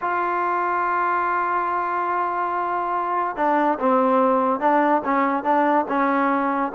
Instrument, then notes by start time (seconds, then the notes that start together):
trombone
0.01 F4
3.36 D4
3.79 C4
4.60 D4
5.04 C#4
5.43 D4
5.88 C#4